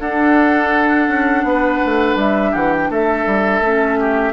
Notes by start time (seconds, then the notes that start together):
0.00 D4 A4 F#5
1.09 C#4
1.44 B3 B4
1.86 A3
2.16 G3 E5
2.52 E3 G4 F#5
2.73 G5
2.90 A3 A4 E5
3.27 G3
3.61 A3 C#4
4.00 G4